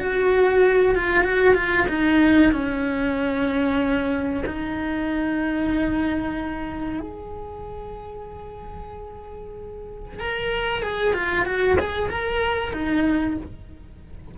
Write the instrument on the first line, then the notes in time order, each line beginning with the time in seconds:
cello
0.00 F#4
0.95 F4
1.24 F#4
1.55 F4
1.89 D#4
2.52 C#4
4.46 D#4
7.00 G#4
10.20 A#4
10.82 G#4
11.14 F4
11.46 F#4
11.80 G#4
12.10 A#4
12.73 D#4